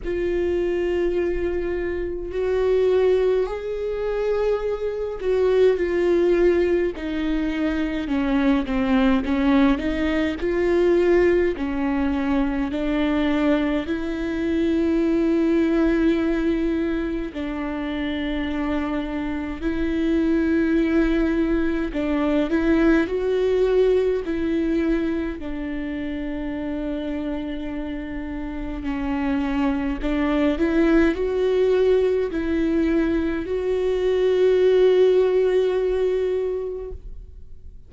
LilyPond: \new Staff \with { instrumentName = "viola" } { \time 4/4 \tempo 4 = 52 f'2 fis'4 gis'4~ | gis'8 fis'8 f'4 dis'4 cis'8 c'8 | cis'8 dis'8 f'4 cis'4 d'4 | e'2. d'4~ |
d'4 e'2 d'8 e'8 | fis'4 e'4 d'2~ | d'4 cis'4 d'8 e'8 fis'4 | e'4 fis'2. | }